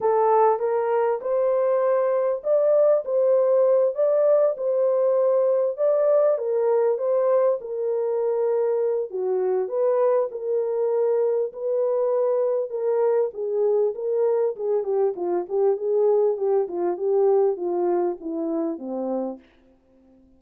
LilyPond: \new Staff \with { instrumentName = "horn" } { \time 4/4 \tempo 4 = 99 a'4 ais'4 c''2 | d''4 c''4. d''4 c''8~ | c''4. d''4 ais'4 c''8~ | c''8 ais'2~ ais'8 fis'4 |
b'4 ais'2 b'4~ | b'4 ais'4 gis'4 ais'4 | gis'8 g'8 f'8 g'8 gis'4 g'8 f'8 | g'4 f'4 e'4 c'4 | }